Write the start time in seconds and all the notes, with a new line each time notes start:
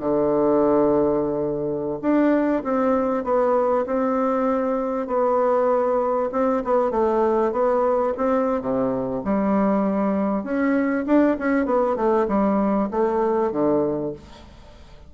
0.00 D3
2.01 D4
2.64 C4
3.24 B3
3.86 C4
5.07 B3
6.32 C4
6.64 B3
6.91 A3
7.52 B3
8.17 C4
8.61 C3
9.24 G3
10.44 C#4
11.06 D4
11.39 C#4
11.65 B3
11.96 A3
12.28 G3
12.90 A3
13.52 D3